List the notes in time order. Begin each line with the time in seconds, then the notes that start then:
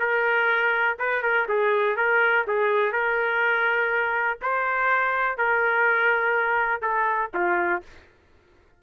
0.00 A#4
0.99 B4
1.22 A#4
1.49 G#4
1.97 A#4
2.47 G#4
2.93 A#4
4.42 C5
5.38 A#4
6.82 A4
7.34 F4